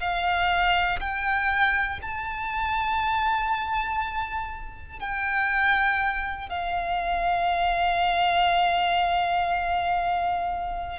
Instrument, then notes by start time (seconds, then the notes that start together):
violin
0.00 F5
1.00 G5
2.02 A5
5.00 G5
6.50 F5